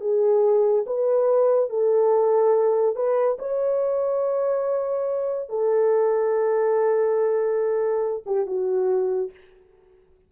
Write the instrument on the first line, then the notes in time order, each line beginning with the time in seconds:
horn
0.00 G#4
0.86 B4
1.69 A4
2.95 B4
3.39 C#5
5.49 A4
8.26 G4
8.46 F#4